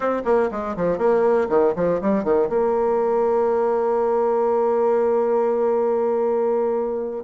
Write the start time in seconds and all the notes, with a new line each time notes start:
0.00 C4
0.25 A#3
0.51 G#3
0.76 F3
0.98 A#3
1.49 D#3
1.75 F3
2.01 G3
2.24 D#3
2.49 A#3